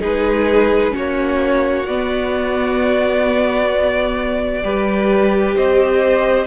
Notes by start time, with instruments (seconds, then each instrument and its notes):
0.00 cello G#3, viola D#4, violin G#4 B4
0.91 viola C#4, violin F#4 C#5
0.97 cello A#3
1.86 cello B3, viola B3, violin D5
4.63 cello G3, viola G4, violin B4
5.56 cello C4, violin C5 D#5